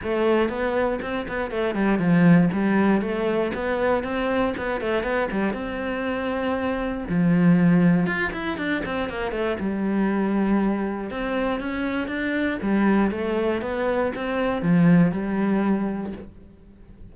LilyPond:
\new Staff \with { instrumentName = "cello" } { \time 4/4 \tempo 4 = 119 a4 b4 c'8 b8 a8 g8 | f4 g4 a4 b4 | c'4 b8 a8 b8 g8 c'4~ | c'2 f2 |
f'8 e'8 d'8 c'8 ais8 a8 g4~ | g2 c'4 cis'4 | d'4 g4 a4 b4 | c'4 f4 g2 | }